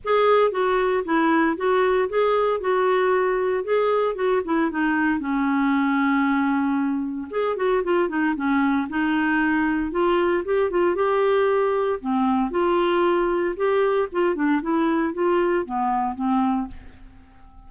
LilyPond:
\new Staff \with { instrumentName = "clarinet" } { \time 4/4 \tempo 4 = 115 gis'4 fis'4 e'4 fis'4 | gis'4 fis'2 gis'4 | fis'8 e'8 dis'4 cis'2~ | cis'2 gis'8 fis'8 f'8 dis'8 |
cis'4 dis'2 f'4 | g'8 f'8 g'2 c'4 | f'2 g'4 f'8 d'8 | e'4 f'4 b4 c'4 | }